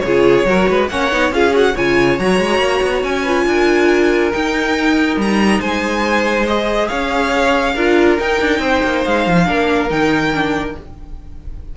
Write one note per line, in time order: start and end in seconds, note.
0.00 0.46 C#3
0.00 0.48 G#4
0.00 0.86 C#5
0.07 0.46 F4
0.46 0.67 F#3
0.46 0.89 F#4
0.46 0.69 A#4
0.69 0.91 G#3
0.69 0.90 B4
0.89 1.12 A#3
0.89 1.11 C#4
0.89 1.35 C#5
0.89 1.32 F#5
1.11 1.31 B3
1.11 1.33 D#4
1.31 1.74 C#4
1.31 1.52 F4
1.31 1.75 G#4
1.31 1.56 F5
1.52 1.73 F#4
1.52 1.77 F#5
1.75 2.20 C#3
1.75 2.20 F4
1.75 3.23 C#5
1.75 2.19 G#5
2.19 2.39 F#3
2.19 3.27 F#4
2.19 3.04 A#5
2.39 2.59 G#3
2.59 2.80 A#3
2.82 3.04 B3
3.04 3.46 C#4
3.04 4.33 G#5
3.23 4.32 F4
3.23 3.45 B4
3.46 4.32 D4
3.46 5.60 A#4
4.32 6.46 D#4
4.32 5.17 D#4
4.32 5.18 G5
5.17 5.60 G3
5.17 5.61 A#5
5.60 6.89 G#3
5.60 6.89 C5
5.60 6.47 G#5
6.47 7.75 G#4
6.47 6.88 D#5
6.88 7.76 C#4
6.88 7.75 C#5
6.88 8.17 F5
7.75 8.19 D4
7.75 8.20 F4
7.75 8.61 A#4
8.20 9.46 D#4
8.20 8.41 D#4
8.20 9.05 G5
8.41 8.60 D4
8.60 8.81 C4
8.60 9.47 C5
8.84 9.05 A#3
9.05 9.27 G#3
9.05 9.90 F5
9.27 9.49 F3
9.46 9.90 A#3
9.46 9.89 D4
9.46 10.77 A#4
9.90 10.76 D#3
9.90 10.33 D#4
9.90 10.76 G5
10.34 10.77 D4